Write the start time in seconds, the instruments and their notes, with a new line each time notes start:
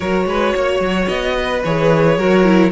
0.00 cello F#3, viola F#4, violin A#4 C#5
0.25 cello G#3, violin B4
0.54 cello A#3, violin C#5
0.80 cello F#3
1.07 cello B3, violin D#5
1.38 violin B4
1.64 cello E3, viola G#4, violin C#5
2.17 cello F#3, viola F#4, violin A#4
2.44 viola E4